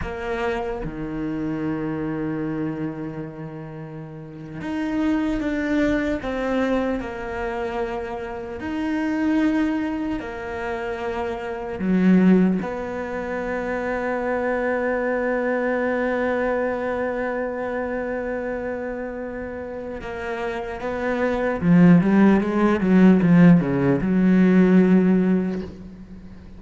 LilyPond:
\new Staff \with { instrumentName = "cello" } { \time 4/4 \tempo 4 = 75 ais4 dis2.~ | dis4.~ dis16 dis'4 d'4 c'16~ | c'8. ais2 dis'4~ dis'16~ | dis'8. ais2 fis4 b16~ |
b1~ | b1~ | b4 ais4 b4 f8 g8 | gis8 fis8 f8 cis8 fis2 | }